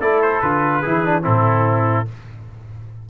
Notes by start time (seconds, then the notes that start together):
0.00 A3 E4 A4 D5
0.22 C5
0.41 D3 F4 B4
0.81 E3 E4 G#4
1.05 D4
1.22 A2 C4 E4 A4